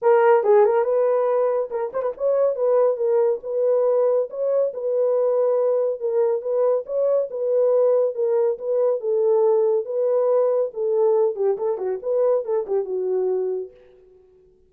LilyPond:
\new Staff \with { instrumentName = "horn" } { \time 4/4 \tempo 4 = 140 ais'4 gis'8 ais'8 b'2 | ais'8 c''16 b'16 cis''4 b'4 ais'4 | b'2 cis''4 b'4~ | b'2 ais'4 b'4 |
cis''4 b'2 ais'4 | b'4 a'2 b'4~ | b'4 a'4. g'8 a'8 fis'8 | b'4 a'8 g'8 fis'2 | }